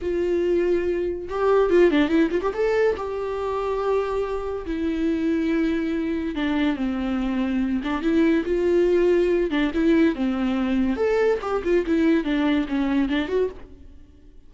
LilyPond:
\new Staff \with { instrumentName = "viola" } { \time 4/4 \tempo 4 = 142 f'2. g'4 | f'8 d'8 e'8 f'16 g'16 a'4 g'4~ | g'2. e'4~ | e'2. d'4 |
c'2~ c'8 d'8 e'4 | f'2~ f'8 d'8 e'4 | c'2 a'4 g'8 f'8 | e'4 d'4 cis'4 d'8 fis'8 | }